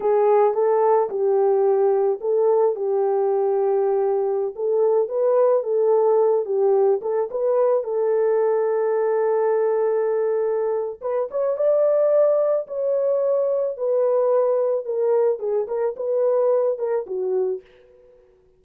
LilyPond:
\new Staff \with { instrumentName = "horn" } { \time 4/4 \tempo 4 = 109 gis'4 a'4 g'2 | a'4 g'2.~ | g'16 a'4 b'4 a'4. g'16~ | g'8. a'8 b'4 a'4.~ a'16~ |
a'1 | b'8 cis''8 d''2 cis''4~ | cis''4 b'2 ais'4 | gis'8 ais'8 b'4. ais'8 fis'4 | }